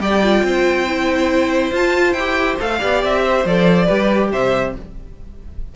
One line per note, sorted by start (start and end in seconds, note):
0.00 0.43 G3
0.00 0.23 G4
0.00 0.46 D5
0.00 1.74 G5
0.23 0.88 F4
0.44 1.72 C4
0.44 2.79 C5
0.88 1.74 E4
1.72 2.14 F4
1.72 2.17 F4
1.72 2.13 A5
2.13 2.57 E4
2.13 2.56 G5
2.19 2.60 G4
2.60 2.83 A3
2.60 2.80 A4
2.60 3.04 F5
2.79 3.04 B3
2.79 3.45 G4
2.79 3.22 D5
3.04 3.45 C4
3.04 3.47 E5
3.25 3.86 C5
3.45 3.88 F3
3.45 3.88 A4
3.45 4.32 D5
3.86 4.33 G3
3.86 4.74 G4
3.86 4.29 B4
4.32 4.76 C3
4.32 4.76 C5
4.32 4.75 E5